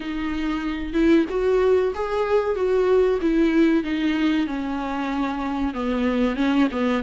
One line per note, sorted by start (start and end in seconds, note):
0.00 0.93 D#4
0.93 1.25 E4
1.29 1.93 F#4
1.95 2.55 G#4
2.55 3.19 F#4
3.21 3.83 E4
3.83 4.47 D#4
4.47 5.73 C#4
5.73 6.36 B3
6.36 6.68 C#4
6.71 7.03 B3